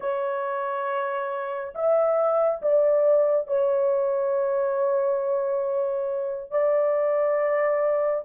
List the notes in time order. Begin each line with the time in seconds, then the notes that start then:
0.00 C#5
1.74 E5
2.62 D5
3.47 C#5
6.50 D5